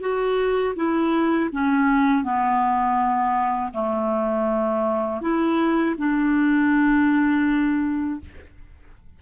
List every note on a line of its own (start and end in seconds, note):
0.00 0.74 F#4
0.76 1.50 E4
1.52 2.24 C#4
2.24 3.72 B3
3.73 5.22 A3
5.22 5.96 E4
5.98 8.20 D4